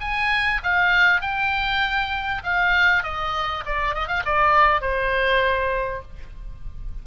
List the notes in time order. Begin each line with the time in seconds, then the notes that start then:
0.00 G#5
0.63 F5
1.21 G5
2.44 F5
3.03 D#5
3.65 D5
3.94 D#5
4.07 F5
4.25 D5
4.81 C5